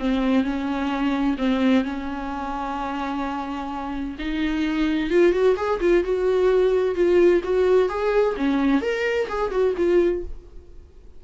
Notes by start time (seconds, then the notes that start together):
0.00 C4
0.44 C#4
1.38 C4
1.85 C#4
4.19 D#4
5.11 F4
5.33 F#4
5.57 G#4
5.81 F4
6.04 F#4
6.96 F4
7.44 F#4
7.89 G#4
8.37 C#4
8.82 A#4
9.29 G#4
9.51 F#4
9.78 F4